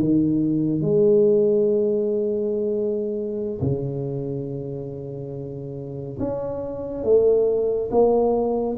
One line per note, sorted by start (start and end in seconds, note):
0.00 0.82 D#3
0.82 3.60 G#3
3.61 6.18 C#3
6.20 7.04 C#4
7.04 7.90 A3
7.91 8.77 A#3